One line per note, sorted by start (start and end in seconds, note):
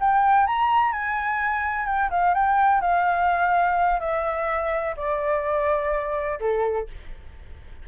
0.00 0.47 G5
0.47 0.92 A#5
0.92 1.86 G#5
1.86 2.10 G5
2.10 2.34 F5
2.34 2.81 G5
2.81 3.99 F5
3.99 4.95 E5
4.97 6.39 D5
6.40 6.87 A4